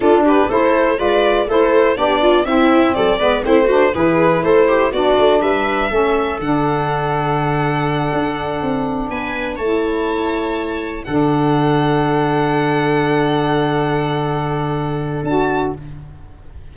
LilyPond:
<<
  \new Staff \with { instrumentName = "violin" } { \time 4/4 \tempo 4 = 122 a'8 b'8 c''4 d''4 c''4 | d''4 e''4 d''4 c''4 | b'4 c''4 d''4 e''4~ | e''4 fis''2.~ |
fis''2~ fis''8 gis''4 a''8~ | a''2~ a''8 fis''4.~ | fis''1~ | fis''2. a''4 | }
  \new Staff \with { instrumentName = "viola" } { \time 4/4 f'8 g'8 a'4 b'4 a'4 | g'8 f'8 e'4 a'8 b'8 e'8 fis'8 | gis'4 a'8 g'8 fis'4 b'4 | a'1~ |
a'2~ a'8 b'4 cis''8~ | cis''2~ cis''8 a'4.~ | a'1~ | a'1 | }
  \new Staff \with { instrumentName = "saxophone" } { \time 4/4 d'4 e'4 f'4 e'4 | d'4 c'4. b8 c'8 d'8 | e'2 d'2 | cis'4 d'2.~ |
d'2.~ d'8 e'8~ | e'2~ e'8 d'4.~ | d'1~ | d'2. fis'4 | }
  \new Staff \with { instrumentName = "tuba" } { \time 4/4 d'4 a4 gis4 a4 | b4 c'4 fis8 gis8 a4 | e4 a4 b8 a8 g4 | a4 d2.~ |
d8 d'4 c'4 b4 a8~ | a2~ a8 d4.~ | d1~ | d2. d'4 | }
>>